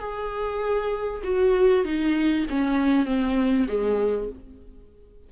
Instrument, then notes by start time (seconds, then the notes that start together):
viola
0.00 G#4
1.24 F#4
1.85 D#4
2.50 C#4
3.06 C4
3.68 G#3